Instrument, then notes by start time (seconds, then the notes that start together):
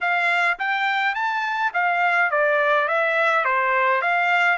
trumpet
0.01 F5
0.59 G5
1.14 A5
1.73 F5
2.30 D5
2.88 E5
3.44 C5
4.01 F5